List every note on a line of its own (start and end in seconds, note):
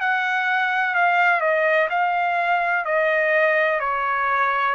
0.00 0.94 F#5
0.94 1.40 F5
1.40 1.88 D#5
1.90 2.85 F5
2.85 3.80 D#5
3.80 4.74 C#5